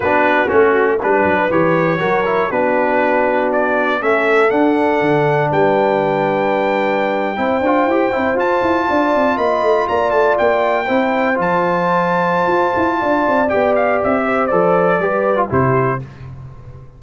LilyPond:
<<
  \new Staff \with { instrumentName = "trumpet" } { \time 4/4 \tempo 4 = 120 b'4 fis'4 b'4 cis''4~ | cis''4 b'2 d''4 | e''4 fis''2 g''4~ | g''1~ |
g''8. a''2 b''4 ais''16~ | ais''16 a''8 g''2 a''4~ a''16~ | a''2. g''8 f''8 | e''4 d''2 c''4 | }
  \new Staff \with { instrumentName = "horn" } { \time 4/4 fis'2 b'2 | ais'4 fis'2. | a'2. b'4~ | b'2~ b'8. c''4~ c''16~ |
c''4.~ c''16 d''4 dis''4 d''16~ | d''4.~ d''16 c''2~ c''16~ | c''2 d''2~ | d''8 c''4. b'4 g'4 | }
  \new Staff \with { instrumentName = "trombone" } { \time 4/4 d'4 cis'4 d'4 g'4 | fis'8 e'8 d'2. | cis'4 d'2.~ | d'2~ d'8. e'8 f'8 g'16~ |
g'16 e'8 f'2.~ f'16~ | f'4.~ f'16 e'4 f'4~ f'16~ | f'2. g'4~ | g'4 a'4 g'8. f'16 e'4 | }
  \new Staff \with { instrumentName = "tuba" } { \time 4/4 b4 a4 g8 fis8 e4 | fis4 b2. | a4 d'4 d4 g4~ | g2~ g8. c'8 d'8 e'16~ |
e'16 c'8 f'8 e'8 d'8 c'8 ais8 a8 ais16~ | ais16 a8 ais4 c'4 f4~ f16~ | f4 f'8 e'8 d'8 c'8 b4 | c'4 f4 g4 c4 | }
>>